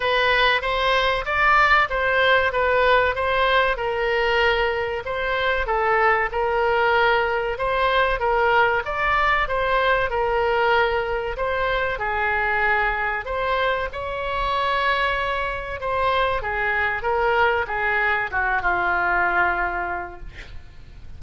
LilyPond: \new Staff \with { instrumentName = "oboe" } { \time 4/4 \tempo 4 = 95 b'4 c''4 d''4 c''4 | b'4 c''4 ais'2 | c''4 a'4 ais'2 | c''4 ais'4 d''4 c''4 |
ais'2 c''4 gis'4~ | gis'4 c''4 cis''2~ | cis''4 c''4 gis'4 ais'4 | gis'4 fis'8 f'2~ f'8 | }